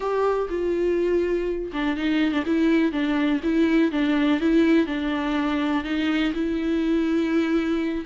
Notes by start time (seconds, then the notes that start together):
0.00 G4
0.49 F4
1.73 D4
1.96 D#4
2.31 D4
2.46 E4
2.91 D4
3.43 E4
3.91 D4
4.40 E4
4.86 D4
5.84 D#4
6.34 E4